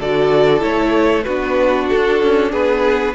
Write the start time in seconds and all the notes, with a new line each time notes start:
0.00 D3 F#4 A4 D5
0.60 A3 E4 C#5
1.24 B3 D4 F#4 B4
1.89 D4 A4
2.23 C#4
2.51 B3 G#4 B4